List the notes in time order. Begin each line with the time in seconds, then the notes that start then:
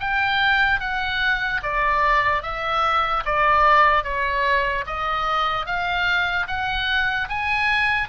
0.00 G5
0.80 F#5
1.63 D5
2.43 E5
3.25 D5
4.04 C#5
4.87 D#5
5.66 F5
6.48 F#5
7.29 G#5